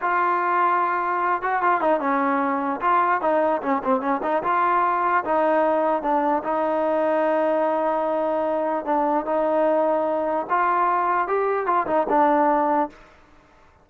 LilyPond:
\new Staff \with { instrumentName = "trombone" } { \time 4/4 \tempo 4 = 149 f'2.~ f'8 fis'8 | f'8 dis'8 cis'2 f'4 | dis'4 cis'8 c'8 cis'8 dis'8 f'4~ | f'4 dis'2 d'4 |
dis'1~ | dis'2 d'4 dis'4~ | dis'2 f'2 | g'4 f'8 dis'8 d'2 | }